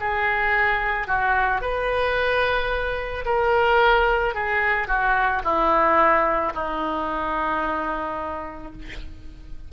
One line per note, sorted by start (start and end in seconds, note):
0.00 1.07 G#4
1.07 1.61 F#4
1.61 3.25 B4
3.25 4.34 A#4
4.34 4.87 G#4
4.87 5.42 F#4
5.44 6.53 E4
6.54 8.72 D#4